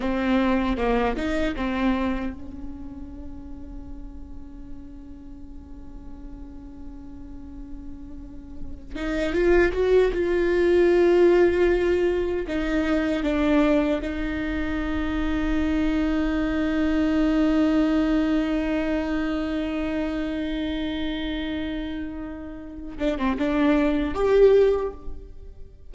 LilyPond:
\new Staff \with { instrumentName = "viola" } { \time 4/4 \tempo 4 = 77 c'4 ais8 dis'8 c'4 cis'4~ | cis'1~ | cis'2.~ cis'8 dis'8 | f'8 fis'8 f'2. |
dis'4 d'4 dis'2~ | dis'1~ | dis'1~ | dis'4. d'16 c'16 d'4 g'4 | }